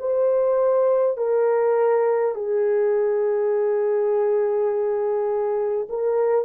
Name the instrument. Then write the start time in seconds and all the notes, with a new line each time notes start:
horn
0.00 C5
1.18 A#4
2.35 G#4
5.89 A#4